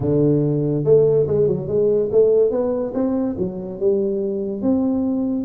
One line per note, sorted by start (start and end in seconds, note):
0.00 0.84 D3
0.84 1.26 A3
1.27 1.47 G#3
1.47 1.67 F#3
1.67 2.09 G#3
2.11 2.50 A3
2.50 2.92 B3
2.94 3.35 C4
3.38 3.79 F#3
3.79 4.62 G3
4.62 5.44 C4